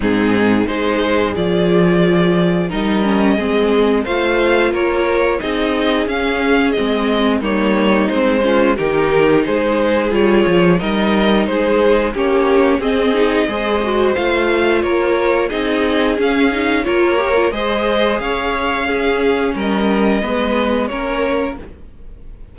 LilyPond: <<
  \new Staff \with { instrumentName = "violin" } { \time 4/4 \tempo 4 = 89 gis'4 c''4 d''2 | dis''2 f''4 cis''4 | dis''4 f''4 dis''4 cis''4 | c''4 ais'4 c''4 cis''4 |
dis''4 c''4 cis''4 dis''4~ | dis''4 f''4 cis''4 dis''4 | f''4 cis''4 dis''4 f''4~ | f''4 dis''2 cis''4 | }
  \new Staff \with { instrumentName = "violin" } { \time 4/4 dis'4 gis'2. | ais'4 gis'4 c''4 ais'4 | gis'2. dis'4~ | dis'8 f'8 g'4 gis'2 |
ais'4 gis'4 g'4 gis'4 | c''2 ais'4 gis'4~ | gis'4 ais'4 c''4 cis''4 | gis'4 ais'4 b'4 ais'4 | }
  \new Staff \with { instrumentName = "viola" } { \time 4/4 c'4 dis'4 f'2 | dis'8 cis'8 c'4 f'2 | dis'4 cis'4 c'4 ais4 | c'8 cis'8 dis'2 f'4 |
dis'2 cis'4 c'8 dis'8 | gis'8 fis'8 f'2 dis'4 | cis'8 dis'8 f'8 g'16 f'16 gis'2 | cis'2 b4 cis'4 | }
  \new Staff \with { instrumentName = "cello" } { \time 4/4 gis,4 gis4 f2 | g4 gis4 a4 ais4 | c'4 cis'4 gis4 g4 | gis4 dis4 gis4 g8 f8 |
g4 gis4 ais4 c'4 | gis4 a4 ais4 c'4 | cis'4 ais4 gis4 cis'4~ | cis'4 g4 gis4 ais4 | }
>>